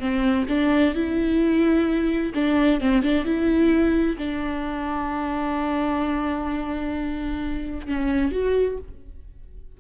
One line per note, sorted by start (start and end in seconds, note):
0.00 0.46 C4
0.48 0.94 D4
0.94 2.33 E4
2.34 2.80 D4
2.80 3.03 C4
3.03 3.25 D4
3.25 4.17 E4
4.18 7.87 D4
7.87 8.32 C#4
8.32 8.78 F#4